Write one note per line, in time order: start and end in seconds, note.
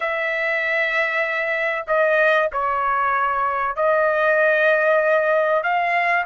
0.00 1.85 E5
1.87 2.49 D#5
2.52 3.76 C#5
3.76 5.62 D#5
5.62 6.25 F5